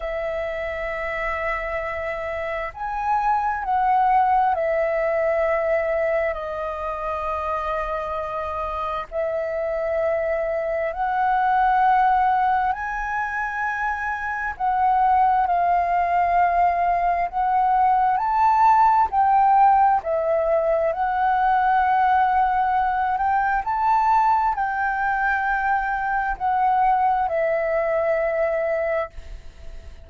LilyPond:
\new Staff \with { instrumentName = "flute" } { \time 4/4 \tempo 4 = 66 e''2. gis''4 | fis''4 e''2 dis''4~ | dis''2 e''2 | fis''2 gis''2 |
fis''4 f''2 fis''4 | a''4 g''4 e''4 fis''4~ | fis''4. g''8 a''4 g''4~ | g''4 fis''4 e''2 | }